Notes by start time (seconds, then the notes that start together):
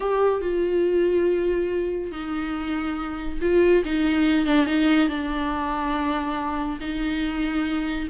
0.00 G4
0.41 F4
2.11 D#4
3.41 F4
3.85 D#4
4.46 D4
4.66 D#4
5.08 D4
6.80 D#4